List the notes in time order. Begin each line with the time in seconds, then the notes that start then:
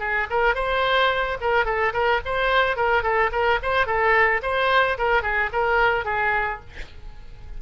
0.00 G#4
0.31 A#4
0.55 C5
1.41 A#4
1.66 A4
1.93 A#4
2.26 C5
2.77 A#4
3.03 A4
3.32 A#4
3.63 C5
3.87 A4
4.43 C5
4.99 A#4
5.23 G#4
5.53 A#4
6.06 G#4